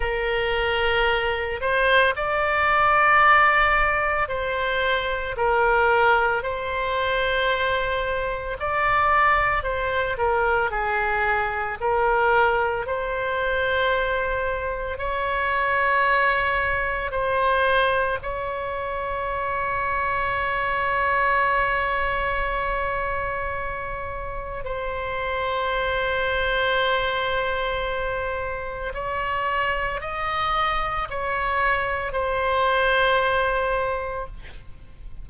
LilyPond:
\new Staff \with { instrumentName = "oboe" } { \time 4/4 \tempo 4 = 56 ais'4. c''8 d''2 | c''4 ais'4 c''2 | d''4 c''8 ais'8 gis'4 ais'4 | c''2 cis''2 |
c''4 cis''2.~ | cis''2. c''4~ | c''2. cis''4 | dis''4 cis''4 c''2 | }